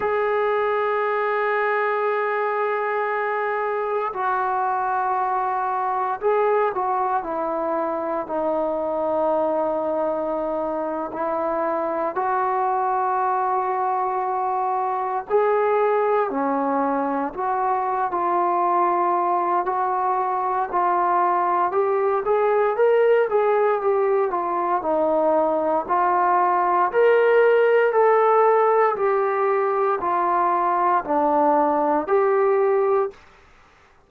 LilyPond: \new Staff \with { instrumentName = "trombone" } { \time 4/4 \tempo 4 = 58 gis'1 | fis'2 gis'8 fis'8 e'4 | dis'2~ dis'8. e'4 fis'16~ | fis'2~ fis'8. gis'4 cis'16~ |
cis'8. fis'8. f'4. fis'4 | f'4 g'8 gis'8 ais'8 gis'8 g'8 f'8 | dis'4 f'4 ais'4 a'4 | g'4 f'4 d'4 g'4 | }